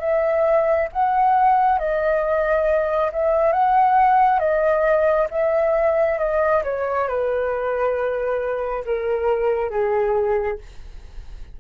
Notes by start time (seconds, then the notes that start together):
0.00 E5
0.92 F#5
1.79 D#5
3.12 E5
3.53 F#5
4.40 D#5
5.31 E5
6.19 D#5
6.64 C#5
7.08 B4
8.86 A#4
9.70 G#4